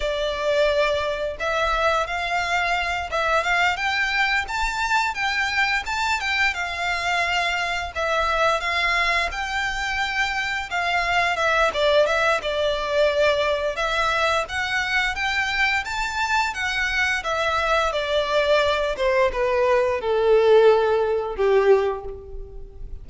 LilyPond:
\new Staff \with { instrumentName = "violin" } { \time 4/4 \tempo 4 = 87 d''2 e''4 f''4~ | f''8 e''8 f''8 g''4 a''4 g''8~ | g''8 a''8 g''8 f''2 e''8~ | e''8 f''4 g''2 f''8~ |
f''8 e''8 d''8 e''8 d''2 | e''4 fis''4 g''4 a''4 | fis''4 e''4 d''4. c''8 | b'4 a'2 g'4 | }